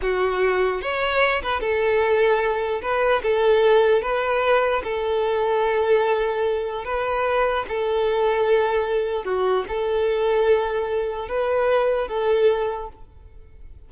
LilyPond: \new Staff \with { instrumentName = "violin" } { \time 4/4 \tempo 4 = 149 fis'2 cis''4. b'8 | a'2. b'4 | a'2 b'2 | a'1~ |
a'4 b'2 a'4~ | a'2. fis'4 | a'1 | b'2 a'2 | }